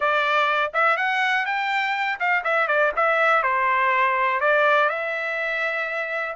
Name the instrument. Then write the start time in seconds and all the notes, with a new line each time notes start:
trumpet
0.00 D5
0.73 E5
0.96 F#5
1.45 G5
2.19 F5
2.44 E5
2.67 D5
2.95 E5
3.43 C5
4.40 D5
4.89 E5